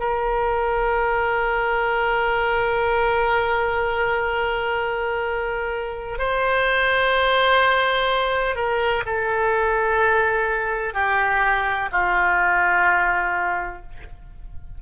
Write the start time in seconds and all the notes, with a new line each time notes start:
0.00 A#4
6.19 C5
8.56 A#4
9.06 A4
10.94 G4
11.92 F4